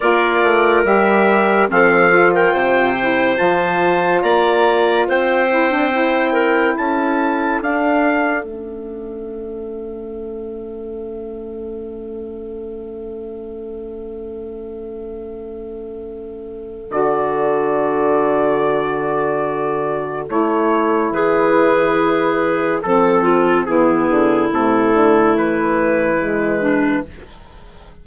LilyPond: <<
  \new Staff \with { instrumentName = "trumpet" } { \time 4/4 \tempo 4 = 71 d''4 e''4 f''8. g''4~ g''16 | a''4 ais''4 g''2 | a''4 f''4 e''2~ | e''1~ |
e''1 | d''1 | cis''4 b'2 a'4 | gis'4 a'4 b'2 | }
  \new Staff \with { instrumentName = "clarinet" } { \time 4/4 ais'2 a'8. ais'16 c''4~ | c''4 d''4 c''4. ais'8 | a'1~ | a'1~ |
a'1~ | a'1~ | a'4 gis'2 a'8 f'8 | e'2.~ e'8 d'8 | }
  \new Staff \with { instrumentName = "saxophone" } { \time 4/4 f'4 g'4 c'8 f'4 e'8 | f'2~ f'8 e'16 d'16 e'4~ | e'4 d'4 cis'2~ | cis'1~ |
cis'1 | fis'1 | e'2. c'4 | b4 a2 gis4 | }
  \new Staff \with { instrumentName = "bassoon" } { \time 4/4 ais8 a8 g4 f4 c4 | f4 ais4 c'2 | cis'4 d'4 a2~ | a1~ |
a1 | d1 | a4 e2 f4 | e8 d8 c8 d8 e2 | }
>>